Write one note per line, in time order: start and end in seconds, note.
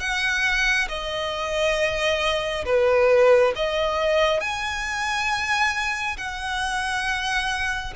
0.00 0.88 F#5
0.88 2.65 D#5
2.66 3.54 B4
3.56 4.40 D#5
4.40 6.17 G#5
6.17 7.94 F#5